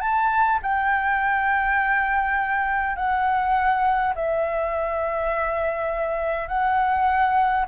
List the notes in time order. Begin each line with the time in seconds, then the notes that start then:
0.00 A5
0.62 G5
2.96 F#5
4.15 E5
6.48 F#5